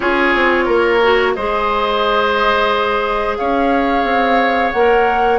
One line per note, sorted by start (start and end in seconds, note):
0.00 0.34 C#4
0.00 1.00 F4
0.00 0.64 G#4
0.00 1.34 C#5
0.34 0.67 C4
0.65 1.35 A#3
0.65 1.33 A#4
1.02 1.36 F#4
1.34 3.38 G#3
1.34 4.74 G#4
1.34 3.38 C5
1.34 3.36 D#5
3.37 4.03 C#4
3.37 5.38 C#5
3.37 4.71 F5
4.03 4.71 C4
4.71 5.38 A#3
4.71 5.38 A#4
4.71 5.38 F#5